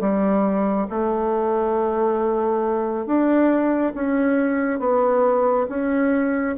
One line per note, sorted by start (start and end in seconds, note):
0.00 0.87 G3
0.89 3.06 A3
3.06 3.93 D4
3.94 4.79 C#4
4.79 5.66 B3
5.69 6.56 C#4